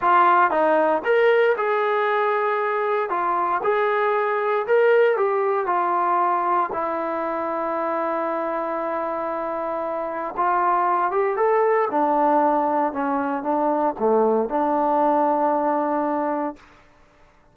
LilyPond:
\new Staff \with { instrumentName = "trombone" } { \time 4/4 \tempo 4 = 116 f'4 dis'4 ais'4 gis'4~ | gis'2 f'4 gis'4~ | gis'4 ais'4 g'4 f'4~ | f'4 e'2.~ |
e'1 | f'4. g'8 a'4 d'4~ | d'4 cis'4 d'4 a4 | d'1 | }